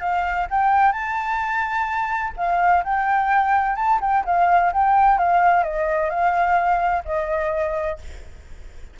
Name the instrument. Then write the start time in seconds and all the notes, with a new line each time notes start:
flute
0.00 F5
0.50 G5
0.92 A5
2.37 F5
2.84 G5
3.76 A5
4.00 G5
4.25 F5
4.73 G5
5.18 F5
5.63 D#5
6.10 F5
7.05 D#5